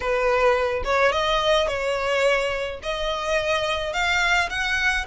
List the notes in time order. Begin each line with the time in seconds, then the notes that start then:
0.00 B4
0.84 C#5
1.12 D#5
1.67 C#5
2.82 D#5
3.93 F5
4.49 F#5